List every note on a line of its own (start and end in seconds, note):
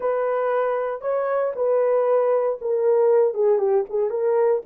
0.00 1.01 B4
1.01 1.52 C#5
1.55 2.59 B4
2.61 3.34 A#4
3.34 3.58 G#4
3.58 3.84 G4
3.89 4.10 G#4
4.10 4.62 A#4